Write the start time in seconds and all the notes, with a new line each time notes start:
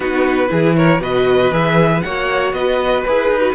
0.00 B3 D#4 F#4 B4
0.47 E3 E4 G#4
0.75 A#4 C#5
1.00 B2 F#4 B4 D#5
1.51 E3 G#4 E5
2.01 A#3 C#5 F#5
2.07 F#4
2.52 B3 B4 D#5
3.04 E4 G#4 B4
3.28 D#4
3.41 F#4